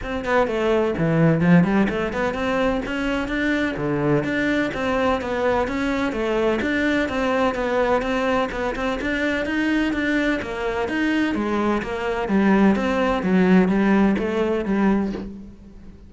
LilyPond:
\new Staff \with { instrumentName = "cello" } { \time 4/4 \tempo 4 = 127 c'8 b8 a4 e4 f8 g8 | a8 b8 c'4 cis'4 d'4 | d4 d'4 c'4 b4 | cis'4 a4 d'4 c'4 |
b4 c'4 b8 c'8 d'4 | dis'4 d'4 ais4 dis'4 | gis4 ais4 g4 c'4 | fis4 g4 a4 g4 | }